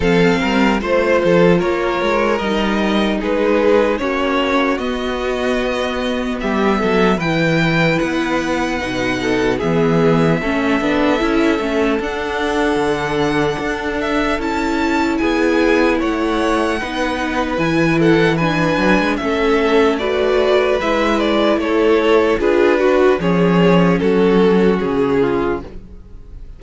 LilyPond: <<
  \new Staff \with { instrumentName = "violin" } { \time 4/4 \tempo 4 = 75 f''4 c''4 cis''4 dis''4 | b'4 cis''4 dis''2 | e''4 g''4 fis''2 | e''2. fis''4~ |
fis''4. e''8 a''4 gis''4 | fis''2 gis''8 fis''8 gis''4 | e''4 d''4 e''8 d''8 cis''4 | b'4 cis''4 a'4 gis'4 | }
  \new Staff \with { instrumentName = "violin" } { \time 4/4 a'8 ais'8 c''8 a'8 ais'2 | gis'4 fis'2. | g'8 a'8 b'2~ b'8 a'8 | gis'4 a'2.~ |
a'2. gis'4 | cis''4 b'4. a'8 b'4 | a'4 b'2 a'4 | gis'8 fis'8 gis'4 fis'4. f'8 | }
  \new Staff \with { instrumentName = "viola" } { \time 4/4 c'4 f'2 dis'4~ | dis'4 cis'4 b2~ | b4 e'2 dis'4 | b4 cis'8 d'8 e'8 cis'8 d'4~ |
d'2 e'2~ | e'4 dis'4 e'4 d'4 | cis'4 fis'4 e'2 | f'8 fis'8 cis'2. | }
  \new Staff \with { instrumentName = "cello" } { \time 4/4 f8 g8 a8 f8 ais8 gis8 g4 | gis4 ais4 b2 | g8 fis8 e4 b4 b,4 | e4 a8 b8 cis'8 a8 d'4 |
d4 d'4 cis'4 b4 | a4 b4 e4. fis16 gis16 | a2 gis4 a4 | d'4 f4 fis4 cis4 | }
>>